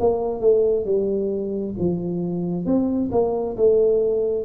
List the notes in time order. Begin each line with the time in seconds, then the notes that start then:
0.00 A#3
0.40 A3
0.85 G3
1.79 F3
2.65 C4
3.11 A#3
3.57 A3